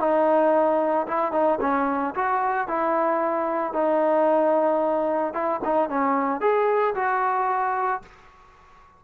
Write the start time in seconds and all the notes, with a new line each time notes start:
0.00 D#4
1.07 E4
1.32 D#4
1.61 C#4
2.15 F#4
2.68 E4
3.74 D#4
5.34 E4
5.65 D#4
5.89 C#4
6.41 G#4
6.95 F#4